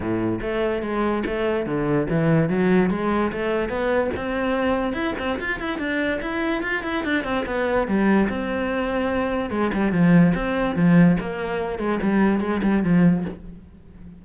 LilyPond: \new Staff \with { instrumentName = "cello" } { \time 4/4 \tempo 4 = 145 a,4 a4 gis4 a4 | d4 e4 fis4 gis4 | a4 b4 c'2 | e'8 c'8 f'8 e'8 d'4 e'4 |
f'8 e'8 d'8 c'8 b4 g4 | c'2. gis8 g8 | f4 c'4 f4 ais4~ | ais8 gis8 g4 gis8 g8 f4 | }